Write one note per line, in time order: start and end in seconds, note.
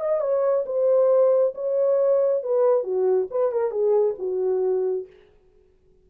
0.00 0.20 D#5
0.20 0.65 C#5
0.66 1.54 C5
1.54 2.43 C#5
2.43 2.83 B4
2.83 3.27 F#4
3.30 3.52 B4
3.52 3.71 A#4
3.71 4.15 G#4
4.18 5.07 F#4